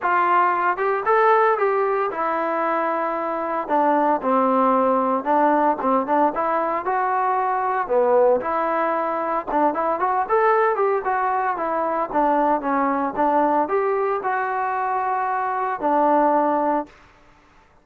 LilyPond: \new Staff \with { instrumentName = "trombone" } { \time 4/4 \tempo 4 = 114 f'4. g'8 a'4 g'4 | e'2. d'4 | c'2 d'4 c'8 d'8 | e'4 fis'2 b4 |
e'2 d'8 e'8 fis'8 a'8~ | a'8 g'8 fis'4 e'4 d'4 | cis'4 d'4 g'4 fis'4~ | fis'2 d'2 | }